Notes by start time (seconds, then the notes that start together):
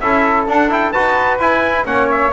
0.00 C#4 E4 A4 E5
0.47 D4 F#5
0.69 E4 G5
0.92 D#4 F#4 B4 A5
1.38 E4 G#5
1.85 A#3 C#4 C#5 F#5
2.10 E5